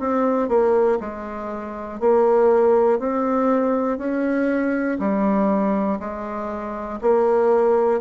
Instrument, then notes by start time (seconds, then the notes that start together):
bassoon
0.00 C4
0.49 A#3
1.01 G#3
2.01 A#3
3.00 C4
3.98 C#4
5.00 G3
6.00 G#3
7.01 A#3